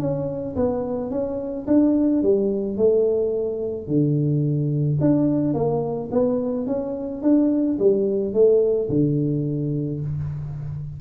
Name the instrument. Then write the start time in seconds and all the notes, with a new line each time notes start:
tuba
0.00 C#4
0.56 B3
1.11 C#4
1.67 D4
2.23 G3
2.77 A3
3.88 D3
5.01 D4
5.54 A#3
6.12 B3
6.67 C#4
7.22 D4
7.79 G3
8.34 A3
8.90 D3